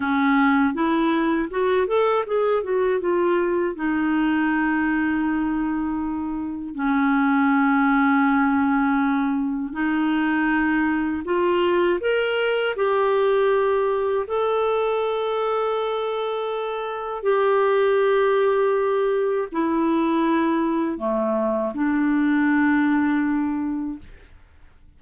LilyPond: \new Staff \with { instrumentName = "clarinet" } { \time 4/4 \tempo 4 = 80 cis'4 e'4 fis'8 a'8 gis'8 fis'8 | f'4 dis'2.~ | dis'4 cis'2.~ | cis'4 dis'2 f'4 |
ais'4 g'2 a'4~ | a'2. g'4~ | g'2 e'2 | a4 d'2. | }